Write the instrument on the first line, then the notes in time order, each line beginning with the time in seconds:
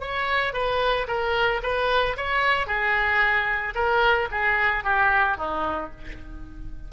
oboe
0.00 C#5
0.53 B4
1.07 A#4
1.62 B4
2.16 C#5
2.66 G#4
3.75 A#4
4.31 G#4
4.83 G4
5.37 D#4